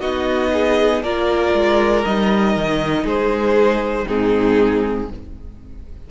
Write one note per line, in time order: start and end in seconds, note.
0.00 1.03 B3
0.00 1.03 D#4
0.00 0.51 F#4
0.00 1.03 D#5
0.53 1.03 G#4
1.03 1.54 A#3
1.03 2.05 F4
1.03 3.03 A#4
1.03 2.05 D5
1.54 2.05 G#3
2.05 2.56 G3
2.05 4.07 D#4
2.05 3.07 D#5
2.56 3.04 D#3
3.03 4.06 G#3
3.03 4.05 G#4
3.03 4.08 C5
4.07 5.11 G#2
4.07 5.08 C4
4.07 5.09 D#4
4.07 5.09 G#4